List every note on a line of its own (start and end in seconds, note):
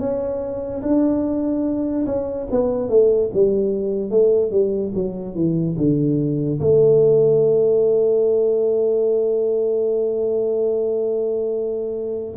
0.00 0.82 C#4
0.82 2.05 D4
2.06 2.47 C#4
2.51 2.90 B3
2.90 3.31 A3
3.33 4.11 G3
4.11 4.52 A3
4.52 4.93 G3
4.95 5.35 F#3
5.35 5.76 E3
5.78 6.60 D3
6.60 12.35 A3